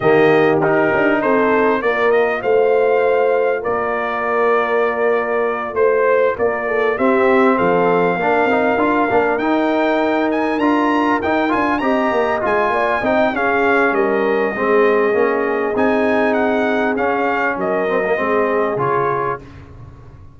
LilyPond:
<<
  \new Staff \with { instrumentName = "trumpet" } { \time 4/4 \tempo 4 = 99 dis''4 ais'4 c''4 d''8 dis''8 | f''2 d''2~ | d''4. c''4 d''4 e''8~ | e''8 f''2. g''8~ |
g''4 gis''8 ais''4 g''8 gis''8 ais''8~ | ais''8 gis''4 g''8 f''4 dis''4~ | dis''2 gis''4 fis''4 | f''4 dis''2 cis''4 | }
  \new Staff \with { instrumentName = "horn" } { \time 4/4 g'2 a'4 ais'4 | c''2 ais'2~ | ais'4. c''4 ais'8 a'8 g'8~ | g'8 a'4 ais'2~ ais'8~ |
ais'2.~ ais'8 dis''8~ | dis''4 d''8 dis''8 gis'4 ais'4 | gis'1~ | gis'4 ais'4 gis'2 | }
  \new Staff \with { instrumentName = "trombone" } { \time 4/4 ais4 dis'2 f'4~ | f'1~ | f'2.~ f'8 c'8~ | c'4. d'8 dis'8 f'8 d'8 dis'8~ |
dis'4. f'4 dis'8 f'8 g'8~ | g'8 f'4 dis'8 cis'2 | c'4 cis'4 dis'2 | cis'4. c'16 ais16 c'4 f'4 | }
  \new Staff \with { instrumentName = "tuba" } { \time 4/4 dis4 dis'8 d'8 c'4 ais4 | a2 ais2~ | ais4. a4 ais4 c'8~ | c'8 f4 ais8 c'8 d'8 ais8 dis'8~ |
dis'4. d'4 dis'8 d'8 c'8 | ais8 gis8 ais8 c'8 cis'4 g4 | gis4 ais4 c'2 | cis'4 fis4 gis4 cis4 | }
>>